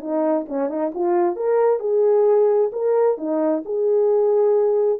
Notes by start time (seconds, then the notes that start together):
0.00 D#4
0.48 C#4
0.68 D#4
0.94 F4
1.36 A#4
1.79 G#4
2.72 A#4
3.17 D#4
3.65 G#4